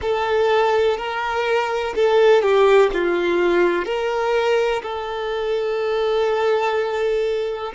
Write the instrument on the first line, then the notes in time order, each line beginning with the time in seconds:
violin
0.01 A4
0.97 A#4
1.95 A4
2.42 G4
2.93 F4
3.85 A#4
4.82 A4